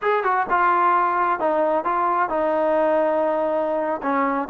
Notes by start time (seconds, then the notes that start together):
0.01 G#4
0.23 F#4
0.49 F4
1.39 D#4
1.84 F4
2.29 D#4
4.02 C#4